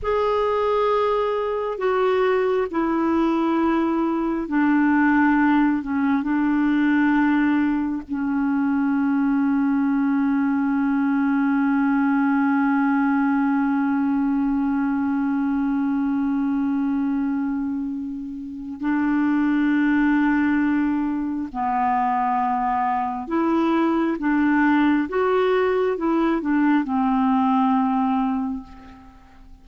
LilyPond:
\new Staff \with { instrumentName = "clarinet" } { \time 4/4 \tempo 4 = 67 gis'2 fis'4 e'4~ | e'4 d'4. cis'8 d'4~ | d'4 cis'2.~ | cis'1~ |
cis'1~ | cis'4 d'2. | b2 e'4 d'4 | fis'4 e'8 d'8 c'2 | }